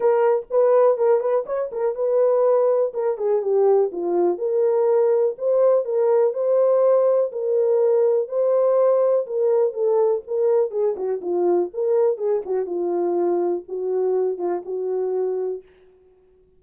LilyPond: \new Staff \with { instrumentName = "horn" } { \time 4/4 \tempo 4 = 123 ais'4 b'4 ais'8 b'8 cis''8 ais'8 | b'2 ais'8 gis'8 g'4 | f'4 ais'2 c''4 | ais'4 c''2 ais'4~ |
ais'4 c''2 ais'4 | a'4 ais'4 gis'8 fis'8 f'4 | ais'4 gis'8 fis'8 f'2 | fis'4. f'8 fis'2 | }